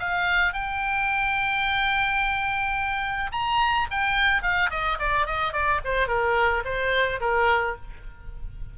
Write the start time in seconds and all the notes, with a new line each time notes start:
0.00 F5
0.54 G5
3.32 A#5
3.91 G5
4.43 F5
4.71 D#5
4.99 D5
5.27 D#5
5.53 D5
5.85 C5
6.08 A#4
6.65 C5
7.21 A#4